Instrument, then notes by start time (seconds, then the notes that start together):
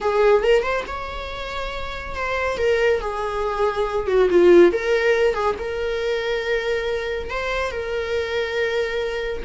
viola
0.00 G#4
0.43 A#4
0.62 C5
0.87 C#5
2.15 C5
2.57 A#4
3.00 G#4
4.07 F#4
4.30 F4
4.72 A#4
5.34 G#4
5.58 A#4
7.30 C5
7.71 A#4